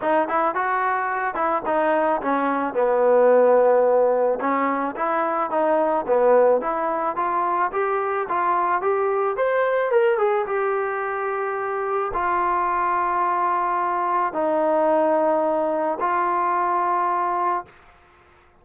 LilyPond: \new Staff \with { instrumentName = "trombone" } { \time 4/4 \tempo 4 = 109 dis'8 e'8 fis'4. e'8 dis'4 | cis'4 b2. | cis'4 e'4 dis'4 b4 | e'4 f'4 g'4 f'4 |
g'4 c''4 ais'8 gis'8 g'4~ | g'2 f'2~ | f'2 dis'2~ | dis'4 f'2. | }